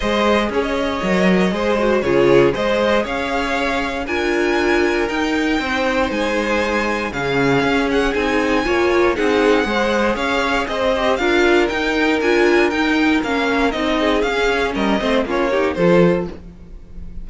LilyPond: <<
  \new Staff \with { instrumentName = "violin" } { \time 4/4 \tempo 4 = 118 dis''4 gis'16 dis''2~ dis''8. | cis''4 dis''4 f''2 | gis''2 g''2 | gis''2 f''4. fis''8 |
gis''2 fis''2 | f''4 dis''4 f''4 g''4 | gis''4 g''4 f''4 dis''4 | f''4 dis''4 cis''4 c''4 | }
  \new Staff \with { instrumentName = "violin" } { \time 4/4 c''4 cis''2 c''4 | gis'4 c''4 cis''2 | ais'2. c''4~ | c''2 gis'2~ |
gis'4 cis''4 gis'4 c''4 | cis''4 c''4 ais'2~ | ais'2.~ ais'8 gis'8~ | gis'4 ais'8 c''8 f'8 g'8 a'4 | }
  \new Staff \with { instrumentName = "viola" } { \time 4/4 gis'2 ais'4 gis'8 fis'8 | f'4 gis'2. | f'2 dis'2~ | dis'2 cis'2 |
dis'4 f'4 dis'4 gis'4~ | gis'4. g'8 f'4 dis'4 | f'4 dis'4 cis'4 dis'4 | cis'4. c'8 cis'8 dis'8 f'4 | }
  \new Staff \with { instrumentName = "cello" } { \time 4/4 gis4 cis'4 fis4 gis4 | cis4 gis4 cis'2 | d'2 dis'4 c'4 | gis2 cis4 cis'4 |
c'4 ais4 c'4 gis4 | cis'4 c'4 d'4 dis'4 | d'4 dis'4 ais4 c'4 | cis'4 g8 a8 ais4 f4 | }
>>